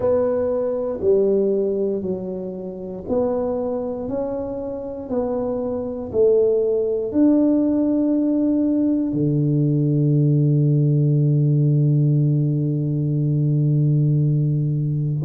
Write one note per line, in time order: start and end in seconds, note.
0.00 0.99 B3
1.01 2.02 G3
2.02 3.03 F#3
3.08 4.08 B3
4.08 5.08 C#4
5.08 6.10 B3
6.12 7.12 A3
7.12 9.12 D4
9.12 15.23 D3